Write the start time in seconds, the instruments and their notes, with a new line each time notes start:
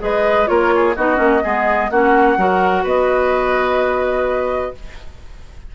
0.00 bassoon G#3, clarinet G#4, oboe B4, flute D#5
0.47 bassoon A#3, clarinet F4, oboe A#4, flute C#5
0.76 oboe G#4
0.96 bassoon B3, clarinet D#4, oboe F#4, flute D#5
1.16 bassoon A#3, clarinet C#4
1.44 bassoon G#3, clarinet B3, oboe G#4
1.91 bassoon A#3, clarinet C#4, oboe F#4, flute F#5
2.38 bassoon F#3, clarinet F#4, oboe A#4
2.84 bassoon B3, oboe B4, flute D#5